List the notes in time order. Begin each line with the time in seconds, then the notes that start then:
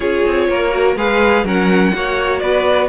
0.00 C#4 F4 G#4 C#5
0.26 C4
0.49 A#3 A#4
0.71 F#4
0.96 G#3 G#4 B4 F5
1.44 F#3 C#4 A#4 F#5
1.93 A#3 F#4 C#5
2.39 B3 B4 D5